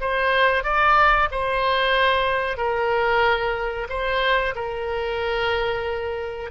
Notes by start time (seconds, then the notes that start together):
0.00 C5
0.63 D5
1.31 C5
2.57 A#4
3.89 C5
4.55 A#4